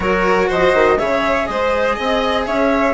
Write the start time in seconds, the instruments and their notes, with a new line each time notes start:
0.00 bassoon F#3, cello F#4, violin A#4, flute C#5
0.48 bassoon F3, violin C5, flute D#5
0.74 bassoon D#3
0.98 bassoon C#3, cello G#4, violin C#5, flute E5
1.46 bassoon G#3, violin C5, flute D#5
1.95 bassoon C4, violin D#5
2.45 bassoon C#4, violin C#5, flute E5